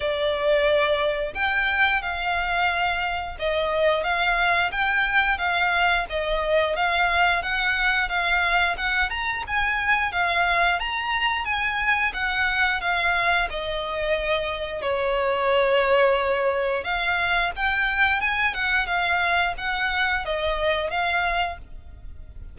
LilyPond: \new Staff \with { instrumentName = "violin" } { \time 4/4 \tempo 4 = 89 d''2 g''4 f''4~ | f''4 dis''4 f''4 g''4 | f''4 dis''4 f''4 fis''4 | f''4 fis''8 ais''8 gis''4 f''4 |
ais''4 gis''4 fis''4 f''4 | dis''2 cis''2~ | cis''4 f''4 g''4 gis''8 fis''8 | f''4 fis''4 dis''4 f''4 | }